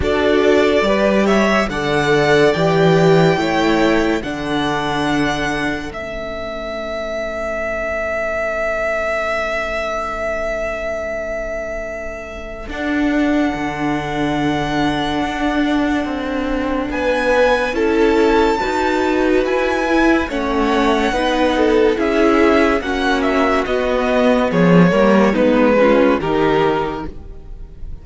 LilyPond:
<<
  \new Staff \with { instrumentName = "violin" } { \time 4/4 \tempo 4 = 71 d''4. e''8 fis''4 g''4~ | g''4 fis''2 e''4~ | e''1~ | e''2. fis''4~ |
fis''1 | gis''4 a''2 gis''4 | fis''2 e''4 fis''8 e''8 | dis''4 cis''4 b'4 ais'4 | }
  \new Staff \with { instrumentName = "violin" } { \time 4/4 a'4 b'8 cis''8 d''2 | cis''4 a'2.~ | a'1~ | a'1~ |
a'1 | b'4 a'4 b'2 | cis''4 b'8 a'8 gis'4 fis'4~ | fis'4 gis'8 ais'8 dis'8 f'8 g'4 | }
  \new Staff \with { instrumentName = "viola" } { \time 4/4 fis'4 g'4 a'4 g'4 | e'4 d'2 cis'4~ | cis'1~ | cis'2. d'4~ |
d'1~ | d'4 e'4 fis'4. e'8 | cis'4 dis'4 e'4 cis'4 | b4. ais8 b8 cis'8 dis'4 | }
  \new Staff \with { instrumentName = "cello" } { \time 4/4 d'4 g4 d4 e4 | a4 d2 a4~ | a1~ | a2. d'4 |
d2 d'4 c'4 | b4 cis'4 dis'4 e'4 | a4 b4 cis'4 ais4 | b4 f8 g8 gis4 dis4 | }
>>